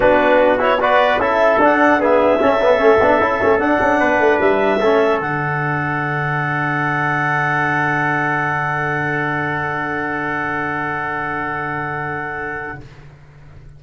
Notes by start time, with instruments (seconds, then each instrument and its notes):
0.00 tuba B3, trombone D4, trumpet F#4, clarinet B4
0.58 trombone E4, clarinet C#5
0.80 trombone F#4, trumpet B4, clarinet D5
1.18 tuba C#4, trombone E4, trumpet A4, clarinet E5
1.59 tuba D4, trombone D4, clarinet F#5
1.99 trombone B3, trumpet G#4, clarinet E5
2.40 trombone C#4, tuba C#4, trumpet A4
2.61 trombone B3
2.78 tuba A3, trombone C#4
3.01 tuba B3, trombone D4
3.19 tuba C#4, trombone E4
3.40 tuba A3, trombone C#4
3.59 tuba D4, trombone D4, clarinet F#5
3.80 tuba C#4
3.99 tuba B3, trumpet B4
4.19 tuba A3
4.39 tuba G3, clarinet E5
4.79 tuba A3, trombone C#4, trumpet A4
5.19 tuba D3, trombone D4, clarinet F#5